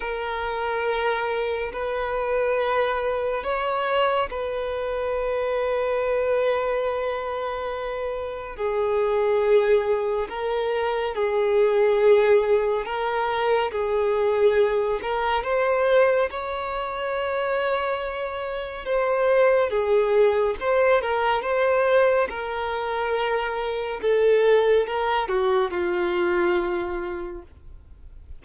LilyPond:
\new Staff \with { instrumentName = "violin" } { \time 4/4 \tempo 4 = 70 ais'2 b'2 | cis''4 b'2.~ | b'2 gis'2 | ais'4 gis'2 ais'4 |
gis'4. ais'8 c''4 cis''4~ | cis''2 c''4 gis'4 | c''8 ais'8 c''4 ais'2 | a'4 ais'8 fis'8 f'2 | }